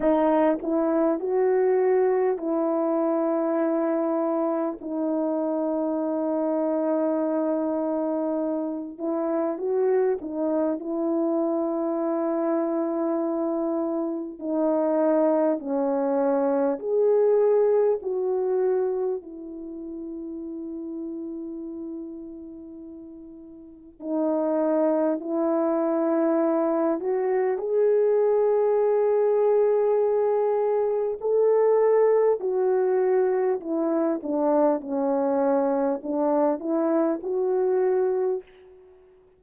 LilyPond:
\new Staff \with { instrumentName = "horn" } { \time 4/4 \tempo 4 = 50 dis'8 e'8 fis'4 e'2 | dis'2.~ dis'8 e'8 | fis'8 dis'8 e'2. | dis'4 cis'4 gis'4 fis'4 |
e'1 | dis'4 e'4. fis'8 gis'4~ | gis'2 a'4 fis'4 | e'8 d'8 cis'4 d'8 e'8 fis'4 | }